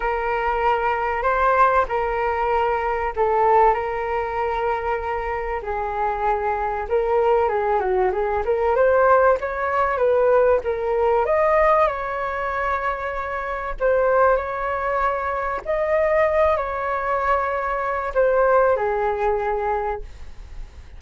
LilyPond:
\new Staff \with { instrumentName = "flute" } { \time 4/4 \tempo 4 = 96 ais'2 c''4 ais'4~ | ais'4 a'4 ais'2~ | ais'4 gis'2 ais'4 | gis'8 fis'8 gis'8 ais'8 c''4 cis''4 |
b'4 ais'4 dis''4 cis''4~ | cis''2 c''4 cis''4~ | cis''4 dis''4. cis''4.~ | cis''4 c''4 gis'2 | }